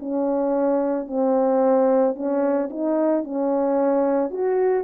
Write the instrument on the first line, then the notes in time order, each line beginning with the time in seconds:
horn
0.00 C#4
1.07 C4
2.15 C#4
2.70 D#4
3.24 C#4
4.31 F#4